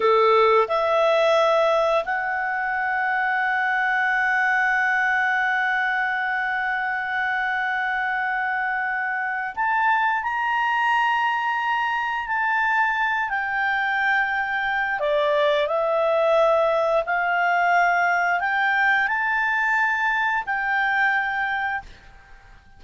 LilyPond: \new Staff \with { instrumentName = "clarinet" } { \time 4/4 \tempo 4 = 88 a'4 e''2 fis''4~ | fis''1~ | fis''1~ | fis''2 a''4 ais''4~ |
ais''2 a''4. g''8~ | g''2 d''4 e''4~ | e''4 f''2 g''4 | a''2 g''2 | }